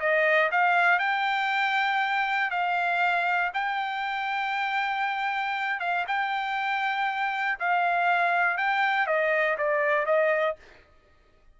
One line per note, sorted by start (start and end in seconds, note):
0.00 0.50 D#5
0.52 0.99 F5
0.99 2.51 G5
2.51 3.52 F5
3.54 5.80 G5
5.80 6.05 F5
6.08 7.59 G5
7.60 8.58 F5
8.58 9.07 G5
9.07 9.57 D#5
9.58 10.06 D5
10.06 10.57 D#5